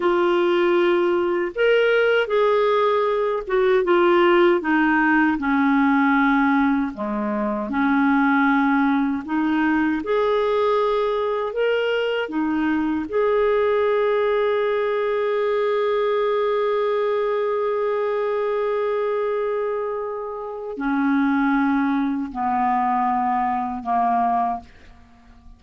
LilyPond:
\new Staff \with { instrumentName = "clarinet" } { \time 4/4 \tempo 4 = 78 f'2 ais'4 gis'4~ | gis'8 fis'8 f'4 dis'4 cis'4~ | cis'4 gis4 cis'2 | dis'4 gis'2 ais'4 |
dis'4 gis'2.~ | gis'1~ | gis'2. cis'4~ | cis'4 b2 ais4 | }